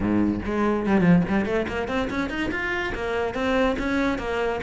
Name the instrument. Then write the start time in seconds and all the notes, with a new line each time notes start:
cello
0.00 G#2
0.44 G#3
0.86 G3
1.01 F3
1.28 G3
1.45 A3
1.68 A#3
1.87 C4
2.10 C#4
2.29 D#4
2.51 F4
2.94 A#3
3.34 C4
3.79 C#4
4.18 A#3